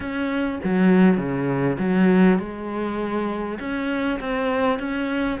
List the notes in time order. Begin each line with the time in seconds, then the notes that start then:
0.00 C#4
0.64 F#3
1.17 C#3
1.78 F#3
2.38 G#3
3.59 C#4
4.20 C4
4.79 C#4